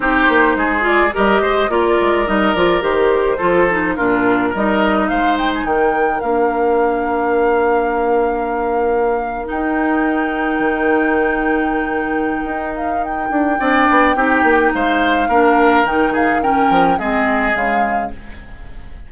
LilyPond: <<
  \new Staff \with { instrumentName = "flute" } { \time 4/4 \tempo 4 = 106 c''4. d''8 dis''4 d''4 | dis''8 d''8 c''2 ais'4 | dis''4 f''8 g''16 gis''16 g''4 f''4~ | f''1~ |
f''8. g''2.~ g''16~ | g''2~ g''8 f''8 g''4~ | g''2 f''2 | g''8 f''8 g''4 dis''4 f''4 | }
  \new Staff \with { instrumentName = "oboe" } { \time 4/4 g'4 gis'4 ais'8 c''8 ais'4~ | ais'2 a'4 f'4 | ais'4 c''4 ais'2~ | ais'1~ |
ais'1~ | ais'1 | d''4 g'4 c''4 ais'4~ | ais'8 gis'8 ais'4 gis'2 | }
  \new Staff \with { instrumentName = "clarinet" } { \time 4/4 dis'4. f'8 g'4 f'4 | dis'8 f'8 g'4 f'8 dis'8 d'4 | dis'2. d'4~ | d'1~ |
d'8. dis'2.~ dis'16~ | dis'1 | d'4 dis'2 d'4 | dis'4 cis'4 c'4 gis4 | }
  \new Staff \with { instrumentName = "bassoon" } { \time 4/4 c'8 ais8 gis4 g8 gis8 ais8 gis8 | g8 f8 dis4 f4 ais,4 | g4 gis4 dis4 ais4~ | ais1~ |
ais8. dis'2 dis4~ dis16~ | dis2 dis'4. d'8 | c'8 b8 c'8 ais8 gis4 ais4 | dis4. f8 gis4 cis4 | }
>>